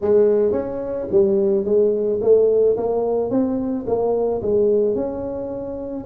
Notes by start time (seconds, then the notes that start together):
0.01 G#3
0.52 C#4
1.11 G3
1.64 G#3
2.21 A3
2.76 A#3
3.30 C4
3.86 A#3
4.42 G#3
4.95 C#4